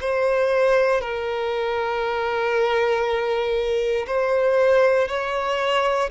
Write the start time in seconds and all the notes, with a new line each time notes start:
0.00 C5
1.01 A#4
4.06 C5
5.08 C#5